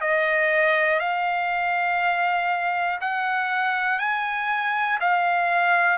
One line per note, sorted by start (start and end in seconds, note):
0.00 0.99 D#5
0.99 2.99 F5
3.00 3.99 F#5
3.99 4.99 G#5
5.00 5.98 F5